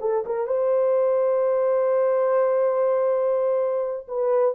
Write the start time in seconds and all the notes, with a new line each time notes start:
0.00 A4
0.26 A#4
0.46 C5
4.08 B4